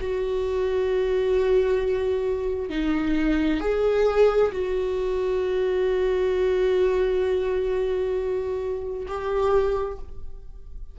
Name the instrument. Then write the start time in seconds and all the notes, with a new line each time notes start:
viola
0.00 F#4
2.69 D#4
3.60 G#4
4.52 F#4
9.07 G4